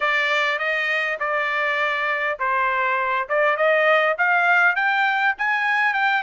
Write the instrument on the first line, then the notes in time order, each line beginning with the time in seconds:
trumpet
0.00 D5
0.58 D#5
1.19 D5
2.39 C5
3.28 D5
3.56 D#5
4.18 F5
4.75 G5
5.38 G#5
5.93 G5